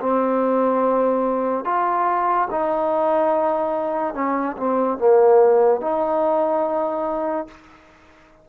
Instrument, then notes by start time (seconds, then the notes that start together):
trombone
0.00 C4
1.64 F4
2.50 D#4
4.14 C#4
4.57 C4
4.98 A#3
5.81 D#4